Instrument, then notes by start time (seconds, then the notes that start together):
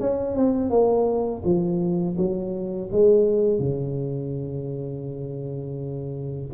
tuba
0.00 C#4
0.36 C4
0.70 A#3
1.44 F3
2.17 F#3
2.91 G#3
3.59 C#3